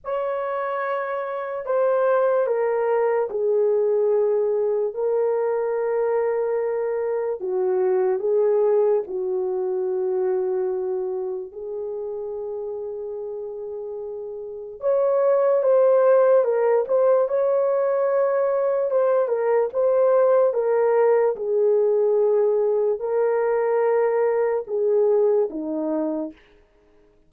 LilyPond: \new Staff \with { instrumentName = "horn" } { \time 4/4 \tempo 4 = 73 cis''2 c''4 ais'4 | gis'2 ais'2~ | ais'4 fis'4 gis'4 fis'4~ | fis'2 gis'2~ |
gis'2 cis''4 c''4 | ais'8 c''8 cis''2 c''8 ais'8 | c''4 ais'4 gis'2 | ais'2 gis'4 dis'4 | }